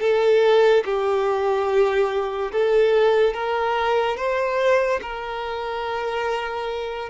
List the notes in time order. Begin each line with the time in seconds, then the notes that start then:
0.00 A4
0.84 G4
2.52 A4
3.33 A#4
4.16 C5
5.01 A#4